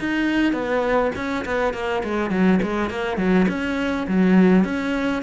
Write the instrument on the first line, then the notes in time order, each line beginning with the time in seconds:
cello
0.00 D#4
0.53 B3
1.16 C#4
1.45 B3
1.74 A#3
2.04 G#3
2.31 F#3
2.63 G#3
2.90 A#3
3.17 F#3
3.49 C#4
4.08 F#3
4.65 C#4